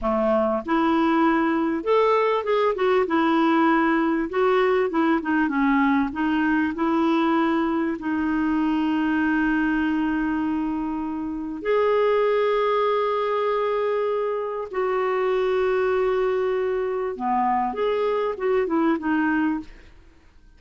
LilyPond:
\new Staff \with { instrumentName = "clarinet" } { \time 4/4 \tempo 4 = 98 a4 e'2 a'4 | gis'8 fis'8 e'2 fis'4 | e'8 dis'8 cis'4 dis'4 e'4~ | e'4 dis'2.~ |
dis'2. gis'4~ | gis'1 | fis'1 | b4 gis'4 fis'8 e'8 dis'4 | }